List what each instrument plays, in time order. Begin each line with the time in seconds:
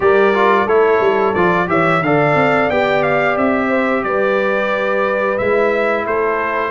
0.00 tuba G3, trombone G4, horn A#4, trumpet D5
0.34 trombone F4
0.65 tuba A3, trombone E4, horn A4, trumpet C#5
1.00 tuba G3
1.34 tuba F3, trombone F4, trumpet D5
1.67 tuba E3, trombone G4, horn C#5, trumpet E5
2.01 tuba D3, trombone A4, horn D5, trumpet F5
2.35 tuba C4
2.69 tuba B3, trombone G4, trumpet G5
3.02 trumpet F5
3.37 tuba C4, trumpet E5
3.68 horn C5
4.03 tuba G3, horn B4, trumpet D5
5.38 tuba G#3, trombone E4, trumpet E5
6.06 tuba A3, horn A4, trumpet C5